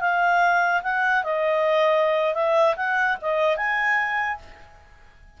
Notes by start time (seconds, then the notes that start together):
0.00 F5
0.82 F#5
1.23 D#5
2.34 E5
2.76 F#5
3.21 D#5
3.56 G#5